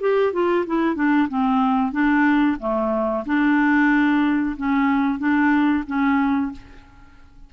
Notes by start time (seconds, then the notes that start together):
0.00 G4
0.32 F4
0.66 E4
0.95 D4
1.28 C4
1.92 D4
2.59 A3
3.25 D4
4.56 C#4
5.18 D4
5.86 C#4